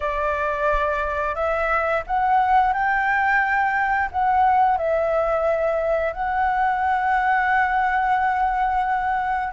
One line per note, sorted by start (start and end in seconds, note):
0.00 1.35 D5
1.35 2.03 E5
2.06 2.73 F#5
2.73 4.09 G5
4.11 4.77 F#5
4.77 6.12 E5
6.12 9.53 F#5